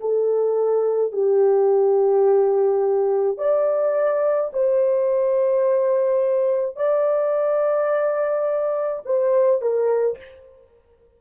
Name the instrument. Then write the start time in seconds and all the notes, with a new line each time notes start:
horn
0.00 A4
1.12 G4
3.38 D5
4.53 C5
6.76 D5
9.05 C5
9.61 A#4